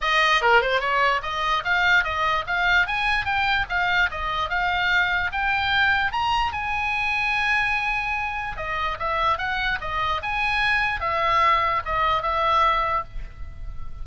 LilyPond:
\new Staff \with { instrumentName = "oboe" } { \time 4/4 \tempo 4 = 147 dis''4 ais'8 c''8 cis''4 dis''4 | f''4 dis''4 f''4 gis''4 | g''4 f''4 dis''4 f''4~ | f''4 g''2 ais''4 |
gis''1~ | gis''4 dis''4 e''4 fis''4 | dis''4 gis''2 e''4~ | e''4 dis''4 e''2 | }